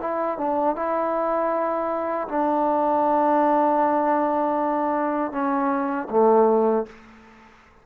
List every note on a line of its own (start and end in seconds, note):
0.00 0.38 E4
0.38 0.76 D4
0.76 2.28 E4
2.28 5.32 D4
5.32 6.08 C#4
6.10 6.86 A3